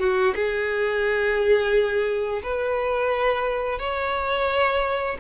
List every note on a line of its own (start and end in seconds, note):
0.00 0.34 F#4
0.35 2.42 G#4
2.43 3.79 B4
3.79 5.17 C#5